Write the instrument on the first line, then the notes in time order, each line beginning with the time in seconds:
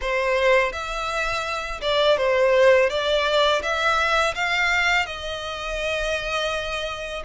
violin
0.01 C5
0.72 E5
1.81 D5
2.17 C5
2.89 D5
3.62 E5
4.34 F5
5.06 D#5